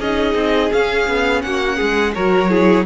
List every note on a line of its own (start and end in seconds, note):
0.00 0.35 C#4
0.00 0.72 D#4
0.00 1.43 G#4
0.00 0.72 D#5
0.35 0.71 C4
0.72 2.15 C#4
0.72 1.08 C#4
0.72 1.42 F5
1.08 1.43 B3
1.42 1.80 A#3
1.42 1.77 F#4
1.42 2.14 F#5
1.77 2.16 G#3
1.77 2.13 G#4
2.14 2.86 F#3
2.14 2.50 F#4
2.14 2.50 A#4
2.14 2.86 C#5
2.50 2.86 E4
2.50 2.86 G#4